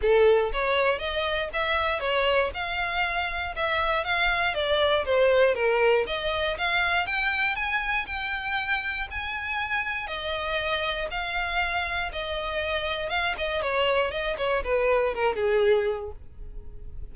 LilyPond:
\new Staff \with { instrumentName = "violin" } { \time 4/4 \tempo 4 = 119 a'4 cis''4 dis''4 e''4 | cis''4 f''2 e''4 | f''4 d''4 c''4 ais'4 | dis''4 f''4 g''4 gis''4 |
g''2 gis''2 | dis''2 f''2 | dis''2 f''8 dis''8 cis''4 | dis''8 cis''8 b'4 ais'8 gis'4. | }